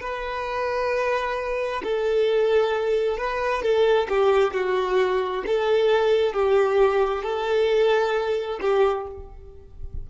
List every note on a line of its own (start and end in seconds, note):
0.00 1.82 B4
1.83 3.17 A4
3.17 3.62 B4
3.62 4.07 A4
4.08 4.53 G4
4.53 5.44 F#4
5.46 6.33 A4
6.33 7.23 G4
7.23 8.59 A4
8.61 9.06 G4